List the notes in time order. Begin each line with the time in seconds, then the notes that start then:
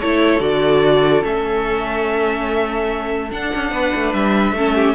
0.00 A3 E4 A4 C#5
0.40 D3 F#4 D5
1.23 A3 C#4 E5
3.31 D4 F#5
3.55 C#4
3.71 B3 B4
3.94 A3
4.13 G3 E5
4.52 A3 C#4 A4
4.75 G4